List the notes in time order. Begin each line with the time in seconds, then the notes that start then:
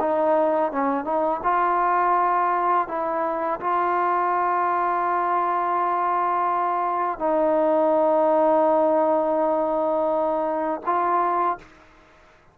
0.00 D#4
0.72 C#4
1.05 D#4
1.44 F4
2.88 E4
3.61 F4
7.19 D#4
10.86 F4